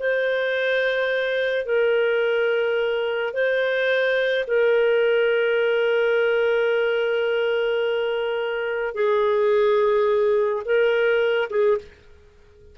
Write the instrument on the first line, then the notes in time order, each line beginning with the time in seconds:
clarinet
0.00 C5
1.66 A#4
3.34 C5
4.47 A#4
8.95 G#4
10.65 A#4
11.50 G#4